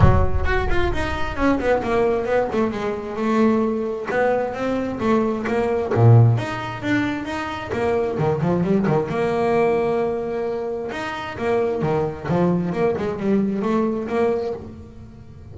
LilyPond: \new Staff \with { instrumentName = "double bass" } { \time 4/4 \tempo 4 = 132 fis4 fis'8 f'8 dis'4 cis'8 b8 | ais4 b8 a8 gis4 a4~ | a4 b4 c'4 a4 | ais4 ais,4 dis'4 d'4 |
dis'4 ais4 dis8 f8 g8 dis8 | ais1 | dis'4 ais4 dis4 f4 | ais8 gis8 g4 a4 ais4 | }